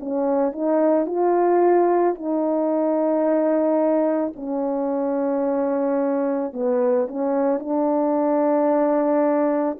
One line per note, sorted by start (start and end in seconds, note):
0.00 0.53 C#4
0.53 1.07 D#4
1.07 2.15 F4
2.15 4.33 D#4
4.36 6.54 C#4
6.54 7.08 B3
7.08 7.60 C#4
7.60 9.78 D4